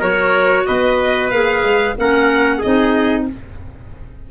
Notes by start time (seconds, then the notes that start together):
0.00 F#3 F#4 A#4 C#5
0.67 B3 B4 D#5
1.30 A#3 G#4 F5
1.63 G#3
1.98 A#3 C#4 A#4 F#5
2.58 D#4 G#4 D#5
2.66 C4